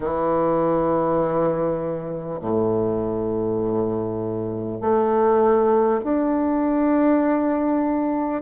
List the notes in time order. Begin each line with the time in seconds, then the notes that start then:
0.00 E3
2.41 A2
4.81 A3
6.03 D4